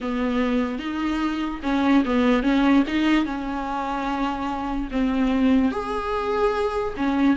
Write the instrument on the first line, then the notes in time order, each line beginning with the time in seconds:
viola
0.01 B3
0.78 D#4
1.63 C#4
2.05 B3
2.42 C#4
2.87 D#4
3.25 C#4
4.91 C4
5.71 G#4
6.96 C#4